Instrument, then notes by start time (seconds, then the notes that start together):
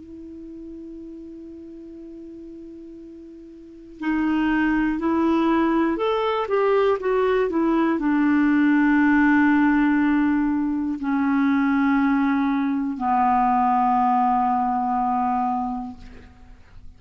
clarinet
0.00 E4
4.00 D#4
4.99 E4
5.97 A4
6.48 G4
7.00 F#4
7.50 E4
7.99 D4
11.00 C#4
12.97 B3